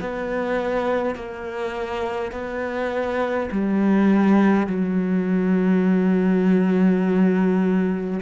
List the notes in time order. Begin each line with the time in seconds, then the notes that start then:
0.00 B3
1.15 A#3
2.31 B3
3.51 G3
4.66 F#3